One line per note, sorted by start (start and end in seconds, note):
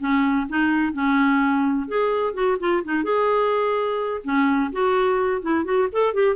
0.00 0.47 C#4
0.49 0.93 D#4
0.93 1.88 C#4
1.88 2.34 G#4
2.34 2.58 F#4
2.60 2.83 F4
2.85 3.04 D#4
3.04 4.22 G#4
4.24 4.71 C#4
4.72 5.42 F#4
5.42 5.65 E4
5.65 5.88 F#4
5.92 6.14 A4
6.14 6.36 G4